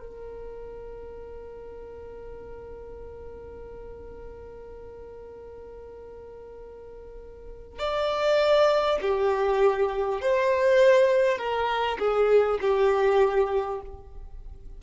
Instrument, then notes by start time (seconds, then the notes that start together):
violin
0.00 A#4
7.79 D5
9.02 G4
10.21 C5
11.38 A#4
11.99 G#4
12.61 G4